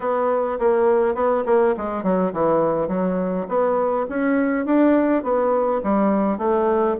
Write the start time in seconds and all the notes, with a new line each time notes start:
0.00 B3
0.59 A#3
1.14 B3
1.45 A#3
1.77 G#3
2.03 F#3
2.32 E3
2.88 F#3
3.48 B3
4.09 C#4
4.65 D4
5.23 B3
5.83 G3
6.38 A3